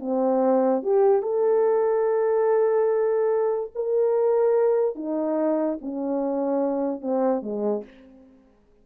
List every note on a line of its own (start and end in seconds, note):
0.00 0.83 C4
0.83 1.22 G4
1.22 3.71 A4
3.75 4.96 A#4
4.96 5.78 D#4
5.81 7.01 C#4
7.01 7.42 C4
7.42 7.84 G#3